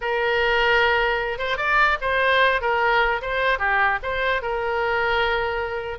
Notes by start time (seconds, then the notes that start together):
0.01 A#4
1.38 C5
1.57 D5
2.01 C5
2.61 A#4
3.21 C5
3.58 G4
4.02 C5
4.41 A#4